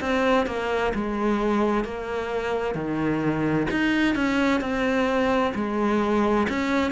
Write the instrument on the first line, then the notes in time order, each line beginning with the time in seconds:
cello
0.00 C4
0.46 A#3
0.94 G#3
1.84 A#3
2.74 D#3
3.70 D#4
4.15 C#4
4.61 C4
5.55 G#3
6.49 C#4